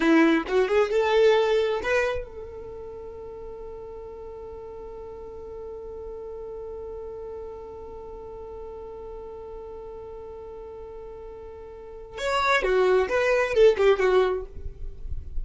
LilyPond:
\new Staff \with { instrumentName = "violin" } { \time 4/4 \tempo 4 = 133 e'4 fis'8 gis'8 a'2 | b'4 a'2.~ | a'1~ | a'1~ |
a'1~ | a'1~ | a'2. cis''4 | fis'4 b'4 a'8 g'8 fis'4 | }